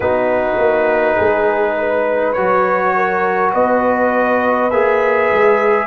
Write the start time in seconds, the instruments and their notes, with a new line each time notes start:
0.00 tuba B3, trombone D#4, horn F#4, trumpet B4
0.58 tuba A#3
1.16 tuba G#3, horn G#4
1.77 horn B4
2.32 tuba F#3, trombone F#4, trumpet C#5
2.95 horn A#4
3.52 tuba B3, horn B4, trumpet D#5
4.70 tuba A#3, trombone G#4, trumpet E5
5.32 tuba G#3